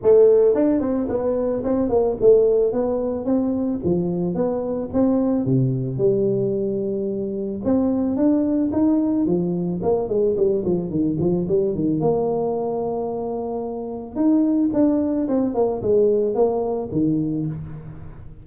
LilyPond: \new Staff \with { instrumentName = "tuba" } { \time 4/4 \tempo 4 = 110 a4 d'8 c'8 b4 c'8 ais8 | a4 b4 c'4 f4 | b4 c'4 c4 g4~ | g2 c'4 d'4 |
dis'4 f4 ais8 gis8 g8 f8 | dis8 f8 g8 dis8 ais2~ | ais2 dis'4 d'4 | c'8 ais8 gis4 ais4 dis4 | }